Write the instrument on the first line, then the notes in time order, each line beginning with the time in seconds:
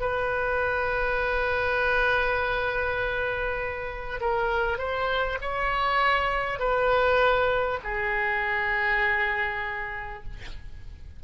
oboe
0.00 B4
4.20 A#4
4.77 C5
5.41 C#5
6.59 B4
7.83 G#4